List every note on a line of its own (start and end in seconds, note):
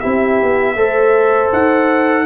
0.00 0.42 C4
0.00 0.77 E4
0.00 0.76 G4
0.00 1.50 E5
0.43 0.76 B3
0.76 1.51 A3
0.76 2.26 A4
0.76 2.26 C5
1.53 2.26 D#4
1.53 2.26 F#5